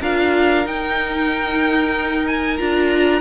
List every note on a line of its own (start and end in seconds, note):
0.00 0.65 D4
0.00 0.65 F4
0.00 3.20 A#4
0.00 0.67 F5
0.65 2.58 D#4
0.65 2.59 D#4
0.65 2.26 G5
2.26 2.57 G#5
2.57 3.20 D4
2.57 3.20 F4
2.57 3.20 A#5